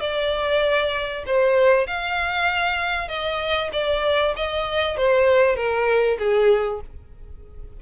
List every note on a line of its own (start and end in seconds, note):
0.00 1.24 D5
1.26 1.87 C5
1.87 3.08 F5
3.08 3.70 D#5
3.73 4.34 D5
4.36 4.97 D#5
4.97 5.56 C5
5.56 6.17 A#4
6.19 6.80 G#4